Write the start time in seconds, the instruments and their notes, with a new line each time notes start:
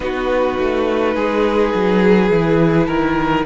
0.00 cello B3, viola D#4, violin F#4 B4
0.58 cello A3
1.15 cello G#3, violin G#4
1.74 cello F#3
2.30 cello E3, viola E4
2.87 cello D#3, violin A#4